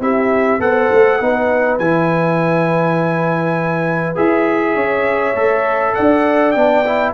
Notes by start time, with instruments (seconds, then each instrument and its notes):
0.00 tuba C4, trombone E4, horn G4, trumpet E5
0.60 tuba B3, trombone A4, horn C5, trumpet F#5
0.92 tuba A3
1.21 tuba B3, trombone D#4, horn B4
1.79 tuba E3, trombone E4, trumpet G#5
4.15 tuba E4, trombone G#4, trumpet E5
4.75 tuba C#4, horn C#5
5.35 tuba A3, trombone A4
5.95 tuba D4, horn D5, trumpet F#5
6.51 tuba B3, trombone D4, trumpet G5
6.86 trombone E4